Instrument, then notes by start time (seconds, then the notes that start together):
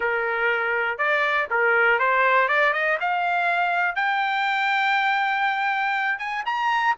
trumpet
0.00 A#4
0.97 D5
1.50 A#4
1.99 C5
2.48 D5
2.73 D#5
3.00 F5
3.95 G5
6.18 G#5
6.45 A#5